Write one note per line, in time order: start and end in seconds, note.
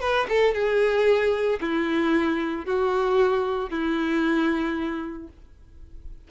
0.00 0.26 B4
0.28 0.54 A4
0.54 1.59 G#4
1.60 2.65 E4
2.65 3.70 F#4
3.70 5.28 E4